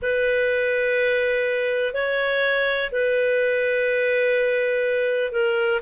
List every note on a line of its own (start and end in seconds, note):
0.01 1.93 B4
1.93 2.90 C#5
2.91 5.32 B4
5.32 5.80 A#4